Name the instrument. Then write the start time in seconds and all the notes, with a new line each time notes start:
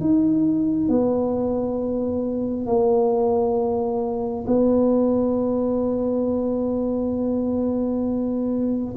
tuba
0.00 D#4
0.88 B3
2.66 A#3
4.47 B3